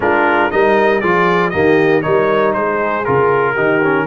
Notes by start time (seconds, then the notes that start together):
0.00 G#3 D4 F4 A#4
0.51 G3 D#4 A#4 D#5
1.01 F3 F4 G#4 D5
1.50 D#3 A#3 G4 D#5
2.01 G3 D#4 A#4 C#5
2.53 G#3 G#4 C5
3.05 C#3 F4 A#4
3.53 D#3 D#4 G4
3.83 C#4